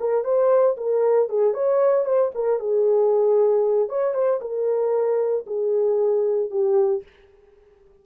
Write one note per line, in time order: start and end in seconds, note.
0.00 0.24 A#4
0.24 0.76 C5
0.77 1.29 A#4
1.29 1.54 G#4
1.54 2.05 C#5
2.05 2.31 C5
2.35 2.59 A#4
2.59 3.89 G#4
3.89 4.14 C#5
4.14 4.40 C5
4.41 5.45 A#4
5.47 6.51 G#4
6.51 7.03 G4